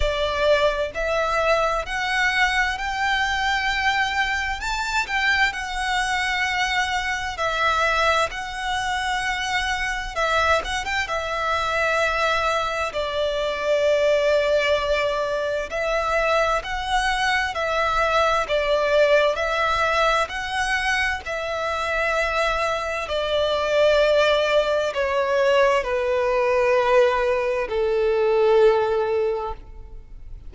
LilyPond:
\new Staff \with { instrumentName = "violin" } { \time 4/4 \tempo 4 = 65 d''4 e''4 fis''4 g''4~ | g''4 a''8 g''8 fis''2 | e''4 fis''2 e''8 fis''16 g''16 | e''2 d''2~ |
d''4 e''4 fis''4 e''4 | d''4 e''4 fis''4 e''4~ | e''4 d''2 cis''4 | b'2 a'2 | }